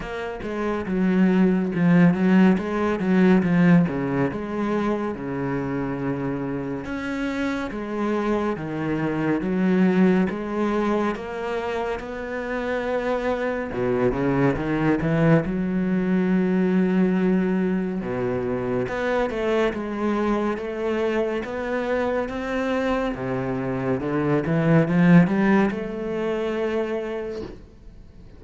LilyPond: \new Staff \with { instrumentName = "cello" } { \time 4/4 \tempo 4 = 70 ais8 gis8 fis4 f8 fis8 gis8 fis8 | f8 cis8 gis4 cis2 | cis'4 gis4 dis4 fis4 | gis4 ais4 b2 |
b,8 cis8 dis8 e8 fis2~ | fis4 b,4 b8 a8 gis4 | a4 b4 c'4 c4 | d8 e8 f8 g8 a2 | }